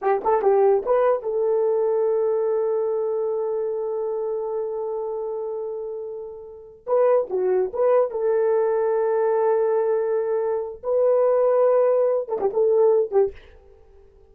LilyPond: \new Staff \with { instrumentName = "horn" } { \time 4/4 \tempo 4 = 144 g'8 a'8 g'4 b'4 a'4~ | a'1~ | a'1~ | a'1~ |
a'8 b'4 fis'4 b'4 a'8~ | a'1~ | a'2 b'2~ | b'4. a'16 g'16 a'4. g'8 | }